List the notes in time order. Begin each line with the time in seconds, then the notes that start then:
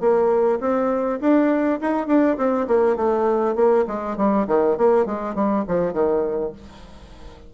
0.00 A#3
0.60 C4
1.20 D4
1.81 D#4
2.07 D4
2.37 C4
2.67 A#3
2.96 A3
3.55 A#3
3.87 G#3
4.17 G3
4.47 D#3
4.77 A#3
5.06 G#3
5.35 G3
5.68 F3
5.93 D#3